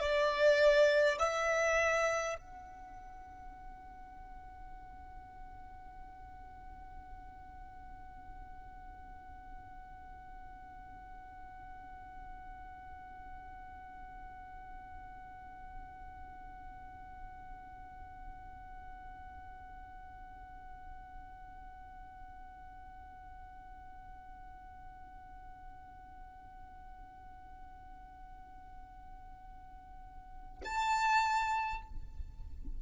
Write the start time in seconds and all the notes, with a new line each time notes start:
0.00 D5
1.19 E5
2.39 F#5
30.65 A5